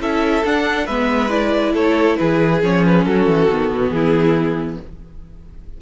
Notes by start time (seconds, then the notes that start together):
0.00 C#4 E4 A4 E5
0.45 D4 F#5
0.86 G#3 B3 B4 E5
1.30 E4 D5
1.73 A3 A4 C#5
2.17 E3 G#4 B4
2.63 F3 C#4 C#5
2.86 B4
3.05 F#3 F#4 A4
3.26 E3
3.50 D#3 B3
3.72 B2
3.89 E3 E4 G#4